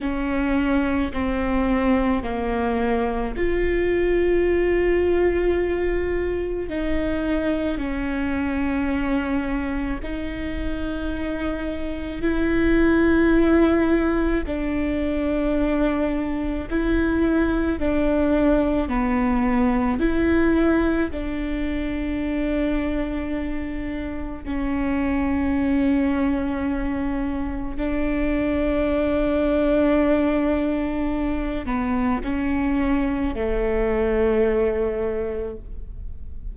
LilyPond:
\new Staff \with { instrumentName = "viola" } { \time 4/4 \tempo 4 = 54 cis'4 c'4 ais4 f'4~ | f'2 dis'4 cis'4~ | cis'4 dis'2 e'4~ | e'4 d'2 e'4 |
d'4 b4 e'4 d'4~ | d'2 cis'2~ | cis'4 d'2.~ | d'8 b8 cis'4 a2 | }